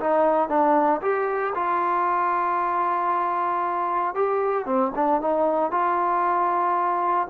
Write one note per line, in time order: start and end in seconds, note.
0.00 0.49 D#4
0.49 1.01 D4
1.02 1.54 G4
1.55 4.15 F4
4.15 4.66 G4
4.66 4.92 C4
4.95 5.21 D4
5.22 5.71 D#4
5.71 7.28 F4